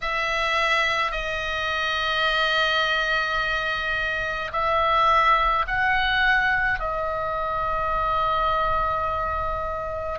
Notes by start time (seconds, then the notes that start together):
0.01 E5
1.11 D#5
4.52 E5
5.67 F#5
6.79 D#5